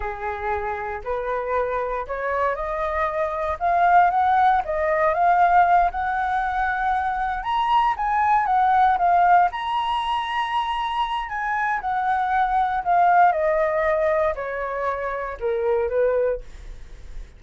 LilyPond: \new Staff \with { instrumentName = "flute" } { \time 4/4 \tempo 4 = 117 gis'2 b'2 | cis''4 dis''2 f''4 | fis''4 dis''4 f''4. fis''8~ | fis''2~ fis''8 ais''4 gis''8~ |
gis''8 fis''4 f''4 ais''4.~ | ais''2 gis''4 fis''4~ | fis''4 f''4 dis''2 | cis''2 ais'4 b'4 | }